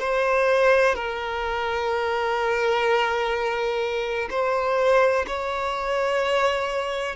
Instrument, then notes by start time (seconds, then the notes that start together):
violin
0.00 C5
0.95 A#4
4.30 C5
5.27 C#5